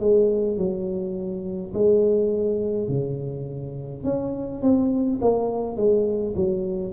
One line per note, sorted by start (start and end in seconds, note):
0.00 0.57 G#3
0.57 1.73 F#3
1.74 2.88 G#3
2.88 4.04 C#3
4.04 4.62 C#4
4.62 5.20 C4
5.21 5.76 A#3
5.76 6.34 G#3
6.36 6.93 F#3